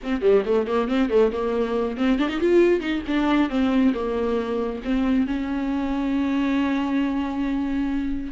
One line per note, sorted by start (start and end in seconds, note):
0.03 0.21 C4
0.21 0.43 G3
0.45 0.67 A3
0.67 0.88 A#3
0.88 1.09 C4
1.09 1.31 A3
1.32 1.97 A#3
1.97 2.18 C4
2.18 2.29 D4
2.29 2.39 D#4
2.39 2.80 F4
2.80 3.02 D#4
3.07 3.49 D4
3.49 3.93 C4
3.93 4.81 A#3
4.84 5.27 C4
5.27 8.31 C#4